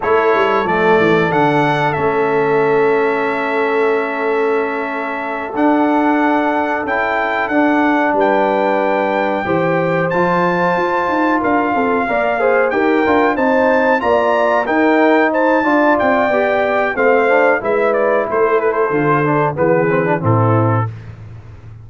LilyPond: <<
  \new Staff \with { instrumentName = "trumpet" } { \time 4/4 \tempo 4 = 92 cis''4 d''4 fis''4 e''4~ | e''1~ | e''8 fis''2 g''4 fis''8~ | fis''8 g''2. a''8~ |
a''4. f''2 g''8~ | g''8 a''4 ais''4 g''4 a''8~ | a''8 g''4. f''4 e''8 d''8 | c''8 b'16 c''4~ c''16 b'4 a'4 | }
  \new Staff \with { instrumentName = "horn" } { \time 4/4 a'1~ | a'1~ | a'1~ | a'8 b'2 c''4.~ |
c''4. ais'8 a'8 d''8 c''8 ais'8~ | ais'8 c''4 d''4 ais'4 c''8 | d''2 c''4 b'4 | a'2 gis'4 e'4 | }
  \new Staff \with { instrumentName = "trombone" } { \time 4/4 e'4 a4 d'4 cis'4~ | cis'1~ | cis'8 d'2 e'4 d'8~ | d'2~ d'8 g'4 f'8~ |
f'2~ f'8 ais'8 gis'8 g'8 | f'8 dis'4 f'4 dis'4. | f'4 g'4 c'8 d'8 e'4~ | e'4 f'8 d'8 b8 c'16 d'16 c'4 | }
  \new Staff \with { instrumentName = "tuba" } { \time 4/4 a8 g8 f8 e8 d4 a4~ | a1~ | a8 d'2 cis'4 d'8~ | d'8 g2 e4 f8~ |
f8 f'8 dis'8 d'8 c'8 ais4 dis'8 | d'8 c'4 ais4 dis'4. | d'8 c'8 b4 a4 gis4 | a4 d4 e4 a,4 | }
>>